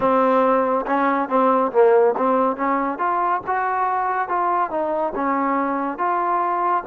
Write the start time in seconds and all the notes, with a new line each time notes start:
0.00 C4
0.86 C#4
1.29 C4
1.71 A#3
2.17 C4
2.56 C#4
2.98 F4
3.46 F#4
4.28 F4
4.70 D#4
5.15 C#4
5.98 F4